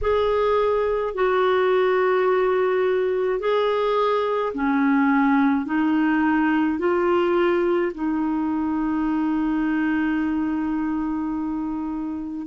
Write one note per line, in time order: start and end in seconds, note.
0.01 1.14 G#4
1.14 3.39 F#4
3.39 4.52 G#4
4.54 5.65 C#4
5.65 6.78 D#4
6.79 7.92 F4
7.94 12.46 D#4